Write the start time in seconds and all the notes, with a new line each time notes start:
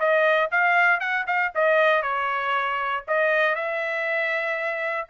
0.00 D#5
0.52 F5
1.01 F#5
1.27 F5
1.55 D#5
2.03 C#5
3.08 D#5
3.56 E5